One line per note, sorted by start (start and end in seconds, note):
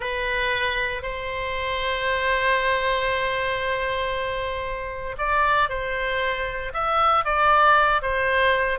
0.00 1.02 B4
1.02 5.16 C5
5.18 5.69 D5
5.69 6.72 C5
6.73 7.24 E5
7.24 8.01 D5
8.01 8.79 C5